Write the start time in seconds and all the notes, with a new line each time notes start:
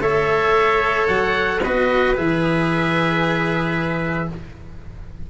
0.00 A3 A4 C#5 E5
1.07 F#3 F#5
1.63 B3 F#4 B4 D#5
2.15 E3 G#4 E5